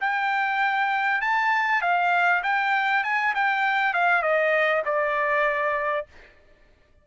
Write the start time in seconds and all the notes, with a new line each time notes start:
0.00 G5
1.21 A5
1.81 F5
2.43 G5
3.03 G#5
3.34 G5
3.93 F5
4.22 D#5
4.85 D5